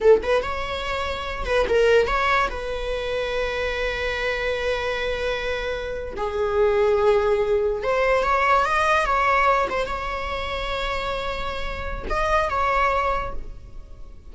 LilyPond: \new Staff \with { instrumentName = "viola" } { \time 4/4 \tempo 4 = 144 a'8 b'8 cis''2~ cis''8 b'8 | ais'4 cis''4 b'2~ | b'1~ | b'2~ b'8. gis'4~ gis'16~ |
gis'2~ gis'8. c''4 cis''16~ | cis''8. dis''4 cis''4. c''8 cis''16~ | cis''1~ | cis''4 dis''4 cis''2 | }